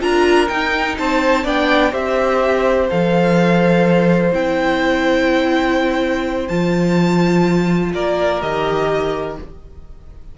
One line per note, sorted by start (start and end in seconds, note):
0.00 0.50 D4
0.00 0.48 F4
0.00 0.97 A#4
0.00 0.48 A#5
0.48 1.44 D#4
0.48 0.98 D#4
0.48 0.96 G5
0.98 1.45 C4
0.98 1.44 C5
0.98 1.46 A5
1.44 1.93 B3
1.44 1.92 D4
1.44 1.91 D5
1.44 1.93 G5
1.91 2.89 C4
1.91 2.88 G4
1.91 7.91 C5
1.91 2.89 E5
2.90 4.32 F3
2.90 4.33 A4
2.90 4.33 F5
4.32 6.48 C4
4.32 6.49 E4
4.32 6.48 G5
6.48 7.93 F3
6.48 8.41 F4
6.48 7.92 A5
7.94 8.42 A#3
7.94 9.38 A#4
7.94 8.42 D5
8.41 9.38 D#3
8.41 9.37 G4
8.41 9.38 D#5